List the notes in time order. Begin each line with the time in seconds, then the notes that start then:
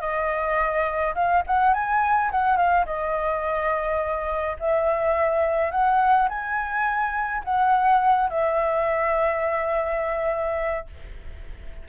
0.00 D#5
1.15 F5
1.47 F#5
1.74 G#5
2.31 F#5
2.57 F5
2.85 D#5
4.59 E5
5.71 F#5
6.28 G#5
7.44 F#5
8.29 E5